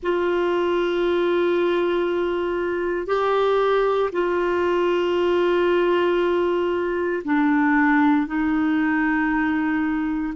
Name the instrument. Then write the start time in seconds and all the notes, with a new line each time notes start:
clarinet
0.02 F4
3.06 G4
4.12 F4
7.24 D4
8.26 D#4